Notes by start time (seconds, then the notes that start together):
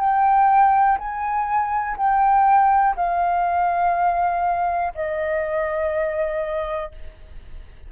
0.00 G5
0.99 G#5
1.98 G5
2.96 F5
4.95 D#5